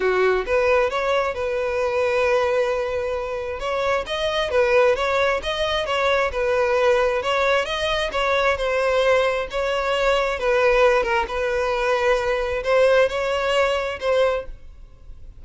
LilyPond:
\new Staff \with { instrumentName = "violin" } { \time 4/4 \tempo 4 = 133 fis'4 b'4 cis''4 b'4~ | b'1 | cis''4 dis''4 b'4 cis''4 | dis''4 cis''4 b'2 |
cis''4 dis''4 cis''4 c''4~ | c''4 cis''2 b'4~ | b'8 ais'8 b'2. | c''4 cis''2 c''4 | }